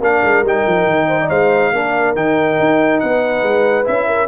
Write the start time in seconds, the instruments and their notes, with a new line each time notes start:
0.00 tuba A#3, trombone D4, horn A#4, trumpet F5
0.23 tuba G#3
0.42 tuba G3, trombone D#4, trumpet G5
0.67 tuba F3
0.85 tuba D#3
1.08 horn C5
1.21 horn D5
1.29 tuba G#3, horn C5, trumpet F5
1.73 tuba A#3, trombone D4, horn A#4
2.16 tuba D#3, trombone D#4, trumpet G5
2.59 tuba D#4
3.00 tuba B3, horn B4, trumpet F#5
3.42 tuba G#3
3.84 tuba C#4, trombone E4, trumpet E5
4.07 horn A#4